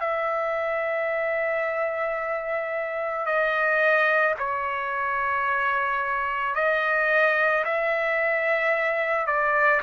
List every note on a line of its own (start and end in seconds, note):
0.00 3.26 E5
3.26 4.35 D#5
4.39 6.55 C#5
6.55 7.64 D#5
7.65 9.27 E5
9.27 9.81 D5